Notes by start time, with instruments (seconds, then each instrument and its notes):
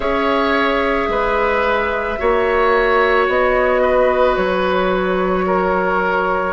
0.00 bassoon C#4, clarinet G#4, oboe C#5, flute E5
1.08 bassoon G#3, oboe B4
2.18 bassoon A#3, clarinet F#4, oboe C#5
3.28 bassoon B3, flute D#5
3.81 oboe B4
4.36 bassoon F#3, flute C#5
5.46 oboe A#4